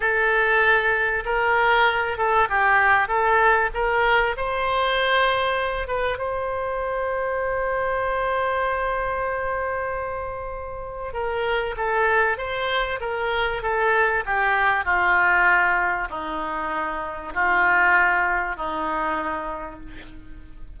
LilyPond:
\new Staff \with { instrumentName = "oboe" } { \time 4/4 \tempo 4 = 97 a'2 ais'4. a'8 | g'4 a'4 ais'4 c''4~ | c''4. b'8 c''2~ | c''1~ |
c''2 ais'4 a'4 | c''4 ais'4 a'4 g'4 | f'2 dis'2 | f'2 dis'2 | }